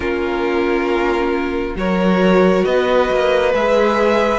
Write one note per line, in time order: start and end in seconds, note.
0.00 1.75 A#3
0.00 1.76 C#4
0.00 1.76 F4
0.00 1.75 A#4
1.76 2.64 F#3
1.76 3.52 F#4
1.76 2.65 A#4
1.76 2.65 C#5
2.65 3.10 B3
2.65 4.38 B4
2.65 3.53 D#5
3.10 3.53 A#3
3.53 4.38 G#3
3.53 4.38 G#4
3.53 4.38 E5